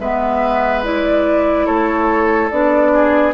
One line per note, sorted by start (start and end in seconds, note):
0.00 1.67 G#3
0.00 0.84 B3
0.00 1.66 B4
0.00 0.84 E5
0.84 2.51 E4
0.84 1.66 D5
1.66 2.51 A3
1.66 2.91 A4
1.66 2.49 C#5
2.50 3.34 B3
2.50 3.34 D4
2.50 3.34 D5
2.94 3.34 G#4